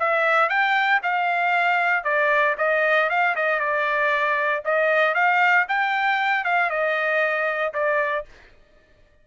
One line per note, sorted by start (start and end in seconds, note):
0.00 0.49 E5
0.49 1.01 G5
1.03 2.04 F5
2.04 2.56 D5
2.58 3.10 D#5
3.10 3.36 F5
3.36 3.60 D#5
3.60 4.63 D5
4.65 5.15 D#5
5.15 5.67 F5
5.69 6.45 G5
6.45 6.70 F5
6.70 7.74 D#5
7.74 8.25 D5